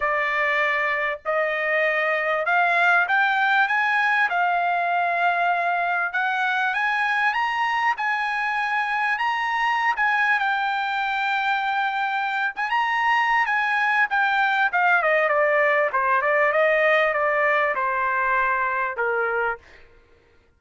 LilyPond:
\new Staff \with { instrumentName = "trumpet" } { \time 4/4 \tempo 4 = 98 d''2 dis''2 | f''4 g''4 gis''4 f''4~ | f''2 fis''4 gis''4 | ais''4 gis''2 ais''4~ |
ais''16 gis''8. g''2.~ | g''8 gis''16 ais''4~ ais''16 gis''4 g''4 | f''8 dis''8 d''4 c''8 d''8 dis''4 | d''4 c''2 ais'4 | }